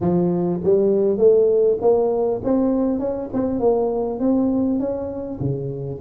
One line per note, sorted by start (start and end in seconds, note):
0.01 0.61 F3
0.63 1.17 G3
1.17 1.77 A3
1.81 2.41 A#3
2.44 2.99 C4
2.99 3.29 C#4
3.33 3.59 C4
3.59 4.19 A#3
4.19 4.79 C4
4.79 5.39 C#4
5.40 6.00 C#3